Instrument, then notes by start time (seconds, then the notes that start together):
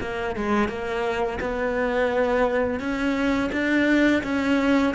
cello
0.00 A#3
0.35 G#3
0.68 A#3
1.40 B3
2.79 C#4
3.52 D4
4.23 C#4